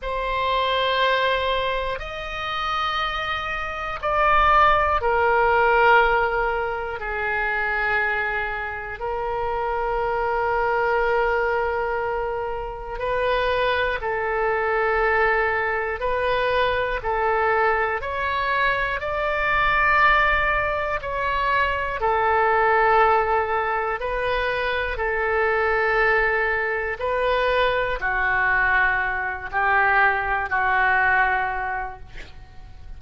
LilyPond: \new Staff \with { instrumentName = "oboe" } { \time 4/4 \tempo 4 = 60 c''2 dis''2 | d''4 ais'2 gis'4~ | gis'4 ais'2.~ | ais'4 b'4 a'2 |
b'4 a'4 cis''4 d''4~ | d''4 cis''4 a'2 | b'4 a'2 b'4 | fis'4. g'4 fis'4. | }